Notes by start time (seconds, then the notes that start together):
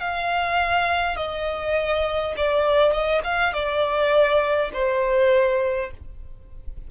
0.00 F5
1.16 D#5
2.36 D5
2.92 D#5
3.24 F5
3.53 D5
4.73 C5